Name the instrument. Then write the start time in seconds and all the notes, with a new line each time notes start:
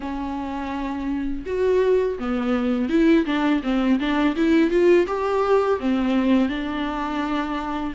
viola
0.00 C#4
1.46 F#4
2.19 B3
2.89 E4
3.25 D4
3.63 C4
3.99 D4
4.35 E4
4.70 F4
5.06 G4
5.79 C4
6.48 D4